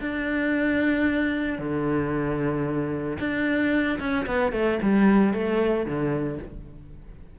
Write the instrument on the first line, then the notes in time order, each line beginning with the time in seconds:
cello
0.00 D4
1.58 D3
3.19 D4
3.99 C#4
4.26 B3
4.52 A3
4.82 G3
5.33 A3
5.85 D3